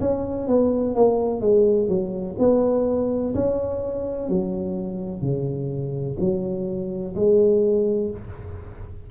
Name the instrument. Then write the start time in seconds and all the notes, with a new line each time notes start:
tuba
0.00 C#4
0.47 B3
0.94 A#3
1.40 G#3
1.88 F#3
2.39 B3
3.34 C#4
4.29 F#3
5.21 C#3
6.19 F#3
7.15 G#3